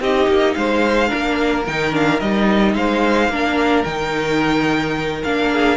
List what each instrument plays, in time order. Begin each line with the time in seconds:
0.00 cello C4, viola D#4, violin G4 D#5
0.28 cello A#3
0.54 cello G#3, violin C5 F5
1.09 cello A#3, viola D4, violin A#4
1.67 cello D#3, viola D#4, violin G5
1.92 viola D4, violin F5
2.20 cello G3, viola D#4, violin D#5
2.75 cello G#3, violin C5 F5
3.29 cello A#3, viola D4, violin A#4
3.84 cello D#3, viola D#4, violin G5
5.24 cello A#3, viola D4, violin F5
5.52 violin G#4